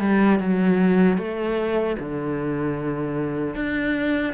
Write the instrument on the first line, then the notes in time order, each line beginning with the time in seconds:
cello
0.00 G3
0.39 F#3
1.18 A3
1.99 D3
3.55 D4